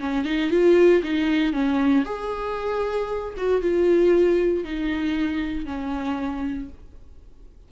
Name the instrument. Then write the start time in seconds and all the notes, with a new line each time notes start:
viola
0.00 C#4
0.25 D#4
0.51 F4
1.03 D#4
1.53 C#4
2.05 G#4
3.37 F#4
3.62 F4
4.64 D#4
5.66 C#4